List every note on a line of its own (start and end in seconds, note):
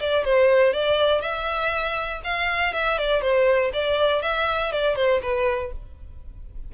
0.00 0.25 D5
0.25 0.73 C5
0.73 1.21 D5
1.21 2.21 E5
2.24 2.73 F5
2.73 2.98 E5
2.98 3.22 D5
3.22 3.72 C5
3.73 4.22 D5
4.22 4.72 E5
4.72 4.96 D5
4.96 5.21 C5
5.22 5.72 B4